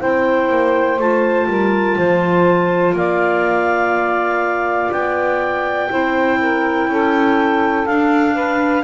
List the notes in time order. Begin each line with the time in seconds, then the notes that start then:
0.00 C4 E4 C5 G5
0.49 A#3
0.98 A3 F4 A5
1.48 G3 A#4
1.97 F3 C5
2.93 A#3 D5 F5
4.91 B3 G5
5.91 C4 E4 C5
6.40 A#4
6.89 C#4 A4
7.86 D4 F5
8.34 B4